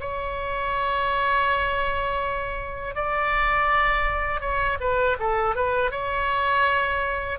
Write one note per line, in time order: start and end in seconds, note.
0.00 2.95 C#5
2.95 4.40 D5
4.40 4.77 C#5
4.80 5.17 B4
5.19 5.55 A4
5.55 5.91 B4
5.91 7.39 C#5